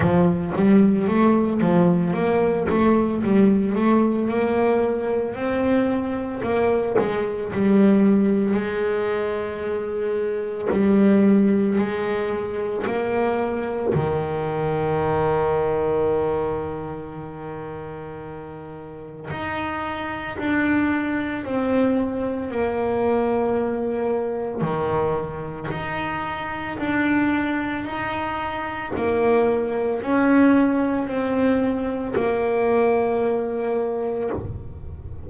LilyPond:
\new Staff \with { instrumentName = "double bass" } { \time 4/4 \tempo 4 = 56 f8 g8 a8 f8 ais8 a8 g8 a8 | ais4 c'4 ais8 gis8 g4 | gis2 g4 gis4 | ais4 dis2.~ |
dis2 dis'4 d'4 | c'4 ais2 dis4 | dis'4 d'4 dis'4 ais4 | cis'4 c'4 ais2 | }